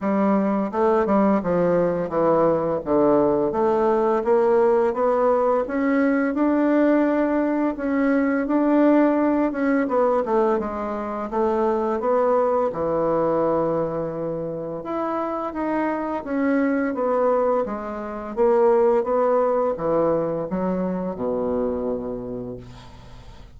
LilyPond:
\new Staff \with { instrumentName = "bassoon" } { \time 4/4 \tempo 4 = 85 g4 a8 g8 f4 e4 | d4 a4 ais4 b4 | cis'4 d'2 cis'4 | d'4. cis'8 b8 a8 gis4 |
a4 b4 e2~ | e4 e'4 dis'4 cis'4 | b4 gis4 ais4 b4 | e4 fis4 b,2 | }